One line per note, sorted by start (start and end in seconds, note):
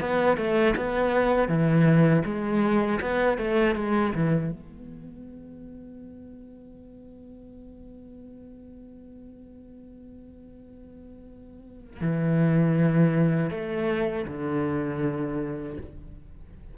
0.00 0.37 B3
0.37 0.74 A3
0.76 1.48 B3
1.48 2.23 E3
2.25 3.00 G#3
3.01 3.38 B3
3.38 3.75 A3
3.75 4.12 G#3
4.14 4.51 E3
4.51 12.01 B3
12.01 13.50 E3
13.50 14.25 A3
14.27 15.77 D3